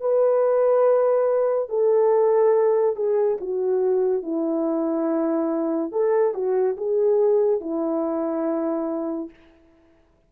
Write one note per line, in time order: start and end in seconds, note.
0.00 1.69 B4
1.69 2.96 A4
2.96 3.38 G#4
3.41 4.23 F#4
4.23 5.92 E4
5.92 6.34 A4
6.34 6.76 F#4
6.77 7.61 G#4
7.61 9.30 E4